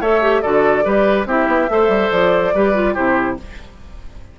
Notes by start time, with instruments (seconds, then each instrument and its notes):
0.00 bassoon A3, clarinet A4, oboe C#5, flute E5
0.22 clarinet G4
0.42 bassoon D3, clarinet F#4, oboe A4, flute D5
0.83 bassoon G3, clarinet G4, oboe B4
1.26 bassoon C4, clarinet E4, oboe G4, flute E5
1.47 bassoon B3
1.69 bassoon A3, clarinet A4, oboe C5
1.88 bassoon G3
2.11 bassoon F3, flute D5
2.54 bassoon G3, clarinet G4, oboe B4
2.74 clarinet F4
2.94 bassoon C3, clarinet E4, oboe G4, flute C5